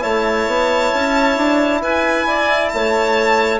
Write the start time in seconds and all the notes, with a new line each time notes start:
0.00 A3 E4 C#5 A5
0.46 B3
0.94 C#4
1.37 D4
1.82 E4 B4 G#5
2.27 D5
2.68 A3 A5
2.75 C#5